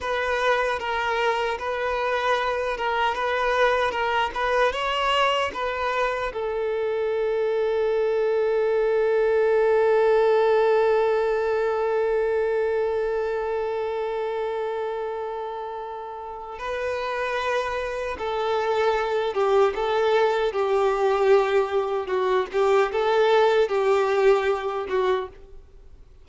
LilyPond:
\new Staff \with { instrumentName = "violin" } { \time 4/4 \tempo 4 = 76 b'4 ais'4 b'4. ais'8 | b'4 ais'8 b'8 cis''4 b'4 | a'1~ | a'1~ |
a'1~ | a'4 b'2 a'4~ | a'8 g'8 a'4 g'2 | fis'8 g'8 a'4 g'4. fis'8 | }